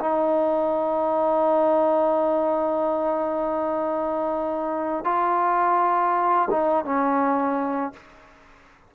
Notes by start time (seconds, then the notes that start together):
0.00 D#4
5.05 F4
6.51 D#4
6.85 C#4